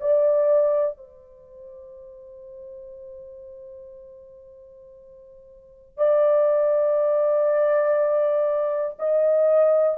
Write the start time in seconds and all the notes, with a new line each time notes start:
0.00 D5
0.97 C5
5.97 D5
8.99 D#5